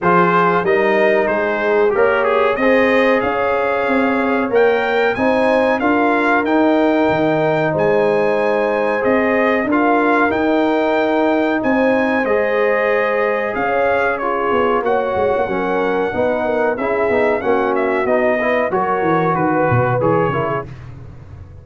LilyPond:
<<
  \new Staff \with { instrumentName = "trumpet" } { \time 4/4 \tempo 4 = 93 c''4 dis''4 c''4 ais'8 gis'8 | dis''4 f''2 g''4 | gis''4 f''4 g''2 | gis''2 dis''4 f''4 |
g''2 gis''4 dis''4~ | dis''4 f''4 cis''4 fis''4~ | fis''2 e''4 fis''8 e''8 | dis''4 cis''4 b'4 cis''4 | }
  \new Staff \with { instrumentName = "horn" } { \time 4/4 gis'4 ais'4 gis'4 cis''4 | c''4 cis''2. | c''4 ais'2. | c''2. ais'4~ |
ais'2 c''2~ | c''4 cis''4 gis'4 cis''4 | ais'4 b'8 ais'8 gis'4 fis'4~ | fis'8 b'8 ais'4 b'4. ais'16 gis'16 | }
  \new Staff \with { instrumentName = "trombone" } { \time 4/4 f'4 dis'2 g'4 | gis'2. ais'4 | dis'4 f'4 dis'2~ | dis'2 gis'4 f'4 |
dis'2. gis'4~ | gis'2 f'4 fis'4 | cis'4 dis'4 e'8 dis'8 cis'4 | dis'8 e'8 fis'2 gis'8 e'8 | }
  \new Staff \with { instrumentName = "tuba" } { \time 4/4 f4 g4 gis4 ais4 | c'4 cis'4 c'4 ais4 | c'4 d'4 dis'4 dis4 | gis2 c'4 d'4 |
dis'2 c'4 gis4~ | gis4 cis'4. b8 ais8 gis16 ais16 | fis4 b4 cis'8 b8 ais4 | b4 fis8 e8 dis8 b,8 e8 cis8 | }
>>